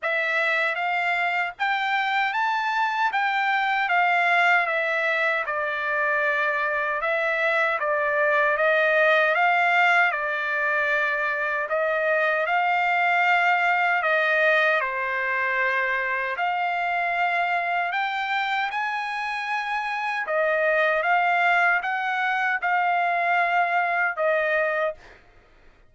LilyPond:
\new Staff \with { instrumentName = "trumpet" } { \time 4/4 \tempo 4 = 77 e''4 f''4 g''4 a''4 | g''4 f''4 e''4 d''4~ | d''4 e''4 d''4 dis''4 | f''4 d''2 dis''4 |
f''2 dis''4 c''4~ | c''4 f''2 g''4 | gis''2 dis''4 f''4 | fis''4 f''2 dis''4 | }